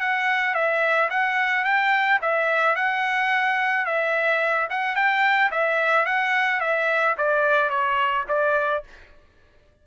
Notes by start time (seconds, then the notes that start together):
0.00 F#5
0.54 E5
1.10 F#5
1.65 G5
2.22 E5
2.76 F#5
3.86 E5
4.70 F#5
4.96 G5
5.51 E5
6.06 F#5
6.61 E5
7.18 D5
7.70 C#5
8.28 D5